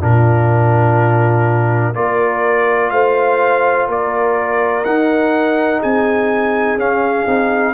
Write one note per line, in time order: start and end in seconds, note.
0.00 1.95 A#2
0.00 1.94 D4
0.00 1.94 F4
0.00 1.95 A#4
1.94 2.91 A#3
1.94 4.85 F4
1.94 2.92 A#4
1.94 2.90 D5
2.90 3.87 A3
2.90 3.88 C5
2.90 3.87 F5
3.87 4.84 A#3
3.87 5.80 A#4
3.87 4.84 D5
4.84 5.81 D#4
4.84 6.79 D#4
4.84 5.81 F#5
5.80 6.76 C4
5.80 7.73 G#4
5.80 6.79 G#5
6.76 7.24 C#4
6.76 7.26 C#4
6.76 7.73 F5
7.26 7.73 C4
7.26 7.73 D#4